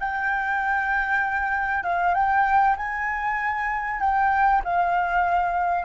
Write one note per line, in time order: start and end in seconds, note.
0.00 1.84 G5
1.84 2.14 F5
2.14 2.76 G5
2.77 4.00 G#5
4.00 4.62 G5
4.64 5.85 F5